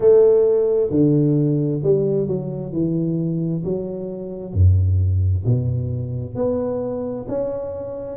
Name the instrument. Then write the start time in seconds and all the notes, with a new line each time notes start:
tuba
0.00 A3
0.90 D3
1.83 G3
2.27 F#3
2.72 E3
3.64 F#3
4.53 F#2
5.45 B2
6.35 B3
7.27 C#4